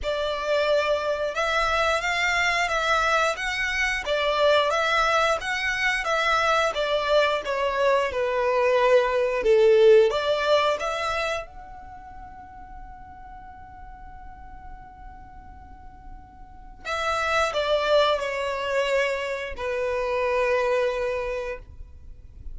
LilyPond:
\new Staff \with { instrumentName = "violin" } { \time 4/4 \tempo 4 = 89 d''2 e''4 f''4 | e''4 fis''4 d''4 e''4 | fis''4 e''4 d''4 cis''4 | b'2 a'4 d''4 |
e''4 fis''2.~ | fis''1~ | fis''4 e''4 d''4 cis''4~ | cis''4 b'2. | }